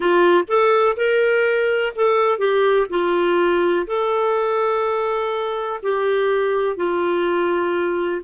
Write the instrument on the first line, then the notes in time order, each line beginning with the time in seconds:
clarinet
0.00 F4
0.48 A4
0.96 A#4
1.95 A4
2.38 G4
2.89 F4
3.87 A4
5.82 G4
6.76 F4